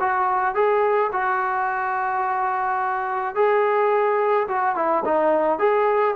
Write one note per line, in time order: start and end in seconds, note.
0.00 0.55 F#4
0.55 1.11 G#4
1.12 3.35 F#4
3.35 4.48 G#4
4.48 4.76 F#4
4.76 5.04 E4
5.05 5.59 D#4
5.59 6.15 G#4